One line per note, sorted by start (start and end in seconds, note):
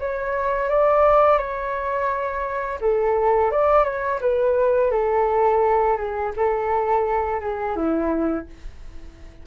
0.00 0.69 C#5
0.69 1.38 D5
1.38 2.79 C#5
2.81 3.51 A4
3.51 3.84 D5
3.84 4.20 C#5
4.21 4.92 B4
4.92 5.97 A4
5.97 6.33 G#4
6.37 7.41 A4
7.41 7.76 G#4
7.76 8.47 E4